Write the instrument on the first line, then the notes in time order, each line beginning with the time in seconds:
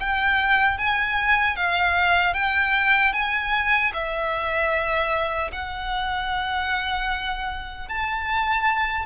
violin
0.00 G5
0.78 G#5
1.56 F5
2.34 G5
3.13 G#5
3.93 E5
5.52 F#5
7.89 A5